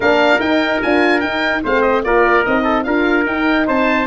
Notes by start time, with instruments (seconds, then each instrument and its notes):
0.00 tuba A#3, horn D4, trumpet A#4, oboe F5
0.39 tuba D#4, horn D#4, oboe G5
0.82 tuba D4, horn F4, oboe G#5
1.20 horn D#4, tuba D#4, oboe G5
1.63 tuba A3, horn C4, trumpet C5, oboe F5
1.81 oboe D#5
2.03 tuba A#3, horn F4, trumpet A#4, oboe D5
2.44 tuba C4, horn D#4, oboe D#5
2.63 trumpet A4
2.83 tuba D4, horn F4, trumpet A#4, oboe F5
3.25 tuba D#4, horn D#4, oboe G5
3.66 tuba C4, trumpet C5, oboe A5